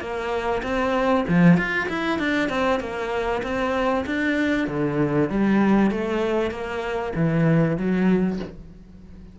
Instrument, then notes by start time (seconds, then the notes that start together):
cello
0.00 A#3
0.63 C4
1.28 F3
1.57 F4
1.88 E4
2.19 D4
2.49 C4
2.80 A#3
3.43 C4
4.06 D4
4.67 D3
5.29 G3
5.91 A3
6.51 A#3
7.15 E3
7.77 F#3